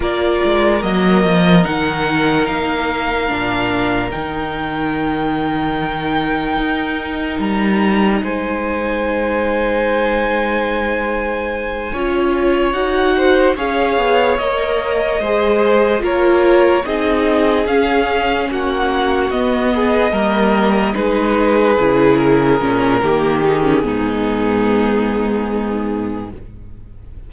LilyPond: <<
  \new Staff \with { instrumentName = "violin" } { \time 4/4 \tempo 4 = 73 d''4 dis''4 fis''4 f''4~ | f''4 g''2.~ | g''4 ais''4 gis''2~ | gis''2.~ gis''8 fis''8~ |
fis''8 f''4 dis''2 cis''8~ | cis''8 dis''4 f''4 fis''4 dis''8~ | dis''4. b'4. ais'4~ | ais'8 gis'2.~ gis'8 | }
  \new Staff \with { instrumentName = "violin" } { \time 4/4 ais'1~ | ais'1~ | ais'2 c''2~ | c''2~ c''8 cis''4. |
c''8 cis''2 c''4 ais'8~ | ais'8 gis'2 fis'4. | gis'8 ais'4 gis'2~ gis'8 | g'4 dis'2. | }
  \new Staff \with { instrumentName = "viola" } { \time 4/4 f'4 ais4 dis'2 | d'4 dis'2.~ | dis'1~ | dis'2~ dis'8 f'4 fis'8~ |
fis'8 gis'4 ais'4 gis'4 f'8~ | f'8 dis'4 cis'2 b8~ | b8 ais4 dis'4 e'4 cis'8 | ais8 dis'16 cis'16 b2. | }
  \new Staff \with { instrumentName = "cello" } { \time 4/4 ais8 gis8 fis8 f8 dis4 ais4 | ais,4 dis2. | dis'4 g4 gis2~ | gis2~ gis8 cis'4 dis'8~ |
dis'8 cis'8 b8 ais4 gis4 ais8~ | ais8 c'4 cis'4 ais4 b8~ | b8 g4 gis4 cis4 ais,8 | dis4 gis,2. | }
>>